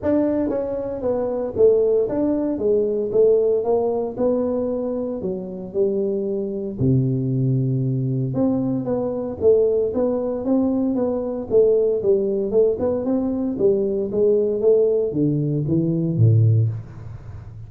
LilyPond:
\new Staff \with { instrumentName = "tuba" } { \time 4/4 \tempo 4 = 115 d'4 cis'4 b4 a4 | d'4 gis4 a4 ais4 | b2 fis4 g4~ | g4 c2. |
c'4 b4 a4 b4 | c'4 b4 a4 g4 | a8 b8 c'4 g4 gis4 | a4 d4 e4 a,4 | }